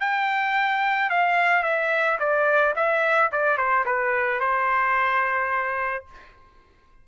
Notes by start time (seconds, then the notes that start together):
0.00 G5
1.10 F5
1.63 E5
2.19 D5
2.76 E5
3.32 D5
3.57 C5
3.85 B4
4.40 C5